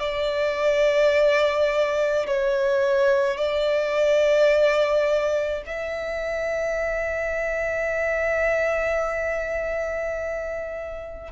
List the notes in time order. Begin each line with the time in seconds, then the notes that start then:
0.00 D5
2.27 C#5
3.37 D5
5.66 E5